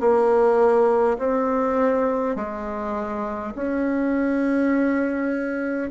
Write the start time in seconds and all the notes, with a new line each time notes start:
0.00 A#3
1.19 C4
2.36 G#3
3.55 C#4